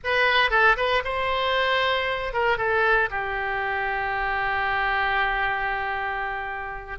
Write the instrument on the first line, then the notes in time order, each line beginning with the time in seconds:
oboe
0.04 B4
0.50 A4
0.76 B4
1.04 C5
2.33 A#4
2.57 A4
3.10 G4